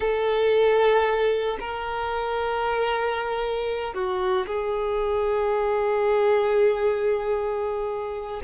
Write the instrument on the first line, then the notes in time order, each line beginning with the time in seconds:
violin
0.00 A4
1.60 A#4
3.93 F#4
4.46 G#4